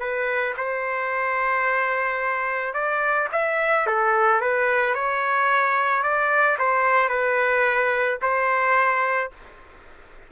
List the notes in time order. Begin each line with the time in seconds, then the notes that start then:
0.00 B4
0.57 C5
2.74 D5
3.32 E5
3.86 A4
4.41 B4
4.94 C#5
6.03 D5
6.59 C5
7.09 B4
8.22 C5